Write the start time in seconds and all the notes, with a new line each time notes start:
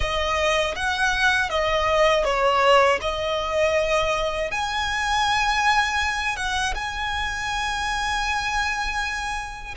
0.00 D#5
0.75 F#5
1.49 D#5
2.24 C#5
3.01 D#5
4.51 G#5
6.36 F#5
6.75 G#5